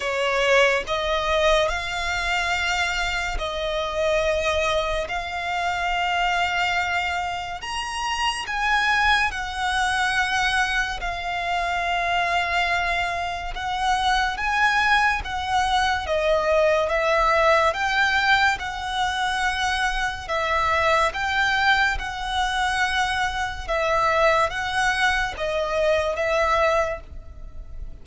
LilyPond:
\new Staff \with { instrumentName = "violin" } { \time 4/4 \tempo 4 = 71 cis''4 dis''4 f''2 | dis''2 f''2~ | f''4 ais''4 gis''4 fis''4~ | fis''4 f''2. |
fis''4 gis''4 fis''4 dis''4 | e''4 g''4 fis''2 | e''4 g''4 fis''2 | e''4 fis''4 dis''4 e''4 | }